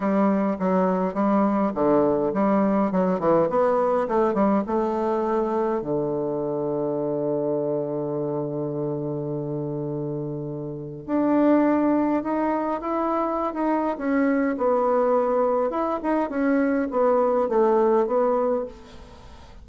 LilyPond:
\new Staff \with { instrumentName = "bassoon" } { \time 4/4 \tempo 4 = 103 g4 fis4 g4 d4 | g4 fis8 e8 b4 a8 g8 | a2 d2~ | d1~ |
d2. d'4~ | d'4 dis'4 e'4~ e'16 dis'8. | cis'4 b2 e'8 dis'8 | cis'4 b4 a4 b4 | }